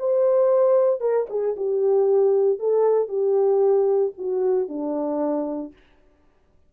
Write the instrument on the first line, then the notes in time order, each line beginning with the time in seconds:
horn
0.00 C5
1.01 A#4
1.30 G#4
1.57 G4
2.60 A4
3.09 G4
4.18 F#4
4.69 D4